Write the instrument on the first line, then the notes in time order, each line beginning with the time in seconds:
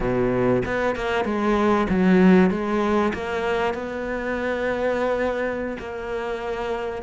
cello
0.00 B2
0.65 B3
0.95 A#3
1.24 G#3
1.89 F#3
2.50 G#3
3.13 A#3
3.73 B3
5.79 A#3